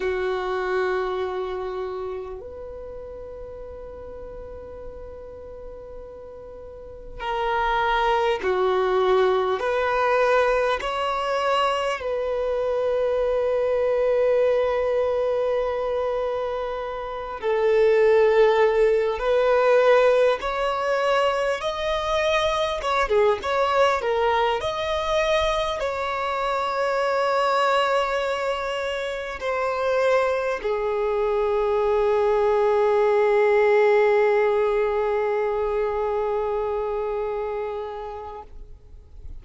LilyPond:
\new Staff \with { instrumentName = "violin" } { \time 4/4 \tempo 4 = 50 fis'2 b'2~ | b'2 ais'4 fis'4 | b'4 cis''4 b'2~ | b'2~ b'8 a'4. |
b'4 cis''4 dis''4 cis''16 gis'16 cis''8 | ais'8 dis''4 cis''2~ cis''8~ | cis''8 c''4 gis'2~ gis'8~ | gis'1 | }